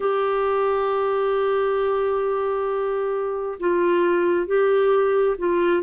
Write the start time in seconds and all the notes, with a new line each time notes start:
0.00 G4
3.59 F4
4.47 G4
5.37 F4